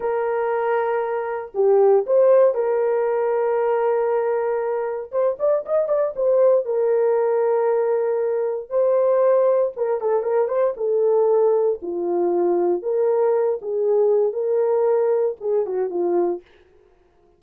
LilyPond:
\new Staff \with { instrumentName = "horn" } { \time 4/4 \tempo 4 = 117 ais'2. g'4 | c''4 ais'2.~ | ais'2 c''8 d''8 dis''8 d''8 | c''4 ais'2.~ |
ais'4 c''2 ais'8 a'8 | ais'8 c''8 a'2 f'4~ | f'4 ais'4. gis'4. | ais'2 gis'8 fis'8 f'4 | }